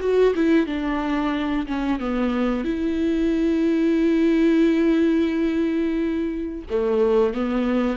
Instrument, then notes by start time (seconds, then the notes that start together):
viola
0.00 F#4
0.35 E4
0.66 D4
1.67 C#4
2.00 B3
2.64 E4
6.70 A3
7.34 B3